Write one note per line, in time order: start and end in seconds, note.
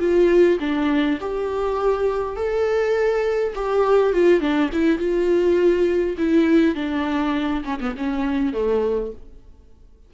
0.00 0.59 F4
0.60 1.19 D4
1.21 2.37 G4
2.37 3.54 A4
3.56 4.14 G4
4.14 4.41 F4
4.41 4.71 D4
4.73 4.99 E4
4.99 6.17 F4
6.18 6.76 E4
6.76 7.64 D4
7.65 7.80 C#4
7.81 7.95 B3
7.97 8.53 C#4
8.53 9.12 A3